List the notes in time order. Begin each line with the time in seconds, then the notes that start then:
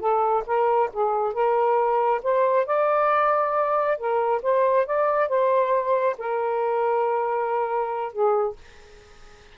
0.00 A4
0.46 A#4
0.93 G#4
1.34 A#4
2.23 C5
2.67 D5
3.98 A#4
4.43 C5
4.87 D5
5.29 C5
6.18 A#4
8.13 G#4